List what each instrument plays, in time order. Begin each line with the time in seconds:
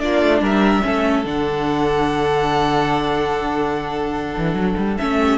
0.00 cello A#3, viola D4, violin F4 D5
0.22 cello A3
0.41 cello G3, violin A#4 E5
0.83 cello A3, viola C#4, violin A4
1.25 cello D3, viola D4, violin F#5
4.37 cello E3
4.54 cello F#3
4.78 cello G3
4.98 cello A3, viola C#4, violin E5
5.19 violin G4